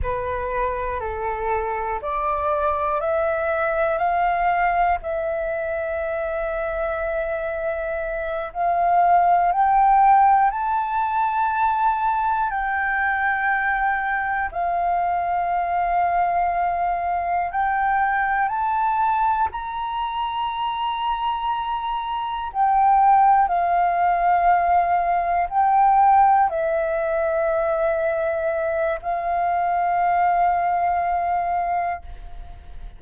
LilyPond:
\new Staff \with { instrumentName = "flute" } { \time 4/4 \tempo 4 = 60 b'4 a'4 d''4 e''4 | f''4 e''2.~ | e''8 f''4 g''4 a''4.~ | a''8 g''2 f''4.~ |
f''4. g''4 a''4 ais''8~ | ais''2~ ais''8 g''4 f''8~ | f''4. g''4 e''4.~ | e''4 f''2. | }